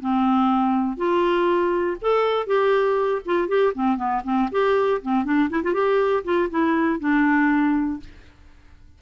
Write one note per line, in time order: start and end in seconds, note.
0.00 0.97 C4
0.97 1.97 F4
2.01 2.47 A4
2.47 3.22 G4
3.25 3.48 F4
3.48 3.73 G4
3.74 3.97 C4
3.97 4.22 B3
4.24 4.49 C4
4.51 5.01 G4
5.02 5.24 C4
5.24 5.49 D4
5.50 5.62 E4
5.63 5.73 F4
5.73 6.23 G4
6.24 6.49 F4
6.50 7.00 E4
7.00 8.00 D4